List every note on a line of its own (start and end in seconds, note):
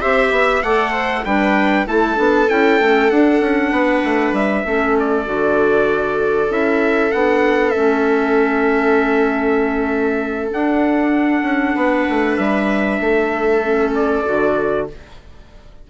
0.00 0.31 C4
0.00 0.63 G4
0.00 0.30 C5
0.00 0.62 E5
0.30 0.62 B3
0.30 0.61 E5
0.62 1.24 A3
0.62 1.26 A4
0.62 0.91 D5
0.62 1.24 F#5
0.91 1.22 C5
1.24 1.86 G3
1.24 1.86 D4
1.24 1.86 B4
1.24 1.86 G5
1.86 2.17 A3
1.86 2.15 E4
1.86 3.72 A4
1.86 2.49 A5
2.15 2.49 B3
2.15 2.46 D4
2.49 2.80 C#4
2.49 2.80 E4
2.49 3.10 G5
2.80 3.10 A3
2.80 3.11 C#4
3.10 3.40 D4
3.10 4.64 D4
3.10 4.34 F#5
3.40 3.71 C#4
3.71 4.02 B3
3.71 4.64 B4
4.03 4.32 A3
4.32 4.63 G3
4.32 4.96 E5
4.64 5.26 A3
4.64 5.25 C#4
4.64 11.76 A4
4.99 6.52 D5
5.25 6.49 D3
5.25 6.48 F#4
6.48 7.11 C#4
6.48 7.10 E4
6.48 7.11 E5
7.11 7.75 B3
7.11 7.72 D4
7.11 7.70 F#5
7.70 10.52 A3
7.70 10.51 C#4
7.70 10.48 E5
10.51 13.60 D4
10.51 11.41 D4
10.51 12.37 F#5
11.41 11.72 C#4
11.75 12.06 B3
11.75 12.99 B4
12.09 12.38 A3
12.37 12.99 G3
12.37 13.92 E5
13.00 14.23 A3
13.00 14.86 A4
13.63 14.24 C#4
13.95 14.87 D5
14.24 14.90 D3
14.24 14.86 F#4